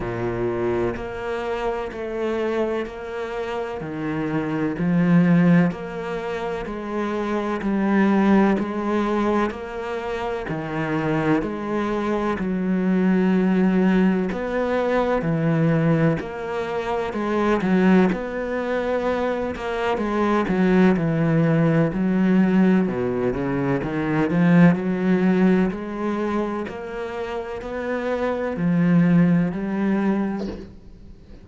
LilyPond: \new Staff \with { instrumentName = "cello" } { \time 4/4 \tempo 4 = 63 ais,4 ais4 a4 ais4 | dis4 f4 ais4 gis4 | g4 gis4 ais4 dis4 | gis4 fis2 b4 |
e4 ais4 gis8 fis8 b4~ | b8 ais8 gis8 fis8 e4 fis4 | b,8 cis8 dis8 f8 fis4 gis4 | ais4 b4 f4 g4 | }